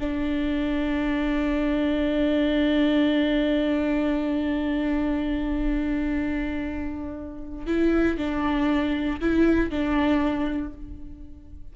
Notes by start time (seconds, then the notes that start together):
0.00 D4
7.67 E4
8.18 D4
9.21 E4
9.71 D4